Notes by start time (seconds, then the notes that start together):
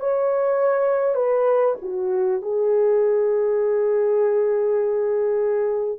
0.00 C#5
1.15 B4
1.82 F#4
2.42 G#4